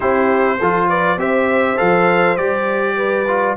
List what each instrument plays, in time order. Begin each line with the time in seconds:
0.00 tuba C4, trombone E4, horn G4, trumpet C5
0.58 tuba F3, trombone F4, horn A4
0.88 horn B4, trumpet D5
1.17 tuba C4, trombone G4, horn C5, trumpet E5
1.76 tuba F3, trombone A4, trumpet F5
2.36 tuba G3, trombone G4, trumpet D5
2.97 horn B4
3.27 trombone F4